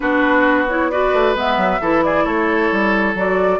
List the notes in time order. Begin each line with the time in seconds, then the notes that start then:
0.00 B3 D4 F#4 B4
0.68 E4 C#5
0.90 F#4 B4 D5
1.13 A3
1.34 G#3 B3 E5
1.56 F#3
1.80 E3 E4 A4
2.03 G#4 D5
2.24 A3 A4 C#5
2.71 G3
3.14 F#3 F#4 D5